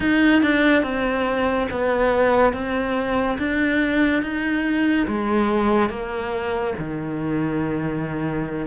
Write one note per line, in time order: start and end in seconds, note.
0.00 0.42 D#4
0.42 0.83 D4
0.83 1.67 C4
1.71 2.53 B3
2.53 3.37 C4
3.38 4.22 D4
4.22 5.07 D#4
5.07 5.89 G#3
5.89 6.74 A#3
6.78 8.66 D#3